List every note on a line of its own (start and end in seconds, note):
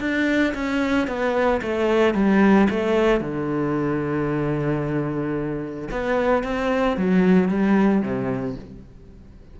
0.00 0.54 D4
0.55 1.07 C#4
1.07 1.61 B3
1.62 2.15 A3
2.15 2.68 G3
2.70 3.21 A3
3.21 5.89 D3
5.91 6.44 B3
6.44 6.97 C4
6.97 7.49 F#3
7.49 8.02 G3
8.02 8.55 C3